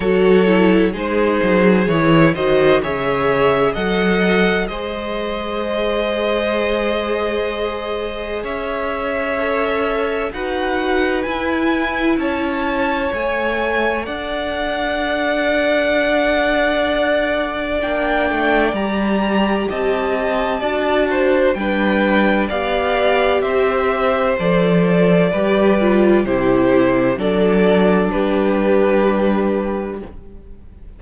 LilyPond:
<<
  \new Staff \with { instrumentName = "violin" } { \time 4/4 \tempo 4 = 64 cis''4 c''4 cis''8 dis''8 e''4 | fis''4 dis''2.~ | dis''4 e''2 fis''4 | gis''4 a''4 gis''4 fis''4~ |
fis''2. g''4 | ais''4 a''2 g''4 | f''4 e''4 d''2 | c''4 d''4 b'2 | }
  \new Staff \with { instrumentName = "violin" } { \time 4/4 a'4 gis'4. c''8 cis''4 | dis''4 c''2.~ | c''4 cis''2 b'4~ | b'4 cis''2 d''4~ |
d''1~ | d''4 dis''4 d''8 c''8 b'4 | d''4 c''2 b'4 | g'4 a'4 g'2 | }
  \new Staff \with { instrumentName = "viola" } { \time 4/4 fis'8 e'8 dis'4 e'8 fis'8 gis'4 | a'4 gis'2.~ | gis'2 a'4 fis'4 | e'2 a'2~ |
a'2. d'4 | g'2 fis'4 d'4 | g'2 a'4 g'8 f'8 | e'4 d'2. | }
  \new Staff \with { instrumentName = "cello" } { \time 4/4 fis4 gis8 fis8 e8 dis8 cis4 | fis4 gis2.~ | gis4 cis'2 dis'4 | e'4 cis'4 a4 d'4~ |
d'2. ais8 a8 | g4 c'4 d'4 g4 | b4 c'4 f4 g4 | c4 fis4 g2 | }
>>